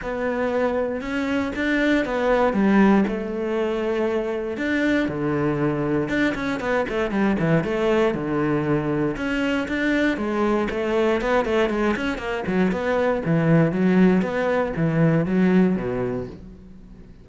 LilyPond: \new Staff \with { instrumentName = "cello" } { \time 4/4 \tempo 4 = 118 b2 cis'4 d'4 | b4 g4 a2~ | a4 d'4 d2 | d'8 cis'8 b8 a8 g8 e8 a4 |
d2 cis'4 d'4 | gis4 a4 b8 a8 gis8 cis'8 | ais8 fis8 b4 e4 fis4 | b4 e4 fis4 b,4 | }